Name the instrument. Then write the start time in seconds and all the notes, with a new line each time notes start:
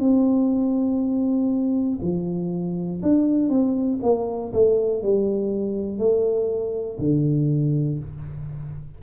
tuba
0.00 C4
2.02 F3
3.03 D4
3.50 C4
4.03 A#3
4.53 A3
5.03 G3
5.99 A3
7.00 D3